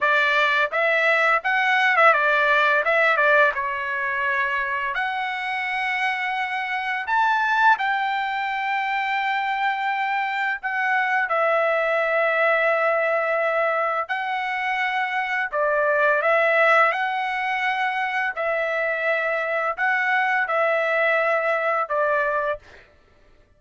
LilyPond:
\new Staff \with { instrumentName = "trumpet" } { \time 4/4 \tempo 4 = 85 d''4 e''4 fis''8. e''16 d''4 | e''8 d''8 cis''2 fis''4~ | fis''2 a''4 g''4~ | g''2. fis''4 |
e''1 | fis''2 d''4 e''4 | fis''2 e''2 | fis''4 e''2 d''4 | }